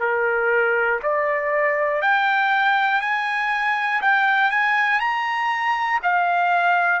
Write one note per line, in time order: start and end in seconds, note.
0.00 1.00 A#4
1.02 2.01 D5
2.01 3.00 G5
3.00 4.00 G#5
4.01 4.50 G5
4.50 5.00 G#5
5.00 6.00 A#5
6.03 7.00 F5